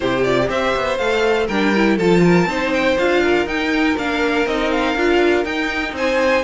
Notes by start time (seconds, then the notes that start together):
0.00 C3 E4 G4 C5
0.24 F4 D5
0.45 C4 G4 C5 E5
0.75 B3
0.97 A3 A4 F5
1.46 G3 D4 A#4 G5
1.74 E4
1.96 F3 F4 A4 A5
2.23 A#4
2.46 C4 D#4 C5
2.72 G5
2.98 D4 F4 F5
3.22 A#4
3.45 D#4 G5
3.96 A#3 D4 F5
4.45 C4 D#4 D#5
4.71 F5
4.95 D4 F4
5.44 D#4 G5
5.92 C4 C5 G#5